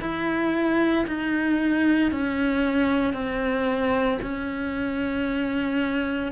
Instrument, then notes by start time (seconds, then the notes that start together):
cello
0.00 E4
1.07 D#4
2.11 C#4
3.13 C4
4.22 C#4